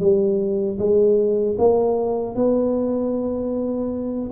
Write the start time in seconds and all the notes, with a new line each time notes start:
0.00 G3
0.79 G#3
1.59 A#3
2.36 B3